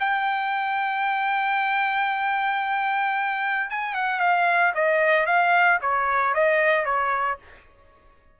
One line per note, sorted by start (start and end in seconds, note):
0.00 3.71 G5
3.71 3.94 G#5
3.94 4.20 F#5
4.20 4.73 F5
4.75 5.26 D#5
5.26 5.79 F5
5.82 6.35 C#5
6.35 6.85 D#5
6.85 7.39 C#5